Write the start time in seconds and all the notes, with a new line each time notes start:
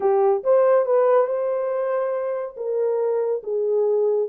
0.00 G4
0.43 C5
0.85 B4
1.26 C5
2.56 A#4
3.43 G#4